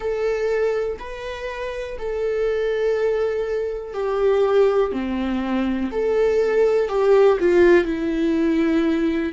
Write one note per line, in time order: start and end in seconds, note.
0.00 0.97 A4
0.99 1.97 B4
1.98 3.93 A4
3.93 4.92 G4
4.92 5.90 C4
5.91 6.89 A4
6.89 7.38 G4
7.39 7.84 F4
7.84 9.32 E4